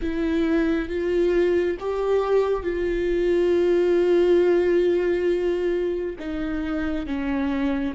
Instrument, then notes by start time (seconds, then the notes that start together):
viola
0.01 E4
0.88 F4
1.79 G4
2.63 F4
6.19 D#4
7.06 C#4